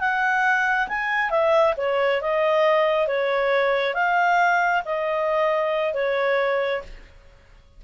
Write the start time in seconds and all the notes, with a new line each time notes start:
0.00 F#5
0.89 G#5
1.31 E5
1.78 C#5
2.22 D#5
3.08 C#5
3.95 F5
4.85 D#5
5.94 C#5